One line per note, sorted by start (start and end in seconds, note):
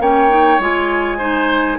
0.00 0.59 A#3
0.00 0.30 C#4
0.00 1.18 C#5
0.00 0.61 G5
0.30 0.59 D#4
0.60 1.78 G#3
0.60 1.20 F4
0.60 1.79 G#5
1.18 1.79 D#4
1.18 1.78 C5